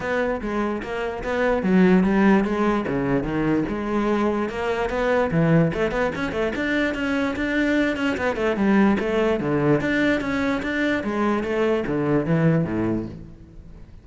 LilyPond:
\new Staff \with { instrumentName = "cello" } { \time 4/4 \tempo 4 = 147 b4 gis4 ais4 b4 | fis4 g4 gis4 cis4 | dis4 gis2 ais4 | b4 e4 a8 b8 cis'8 a8 |
d'4 cis'4 d'4. cis'8 | b8 a8 g4 a4 d4 | d'4 cis'4 d'4 gis4 | a4 d4 e4 a,4 | }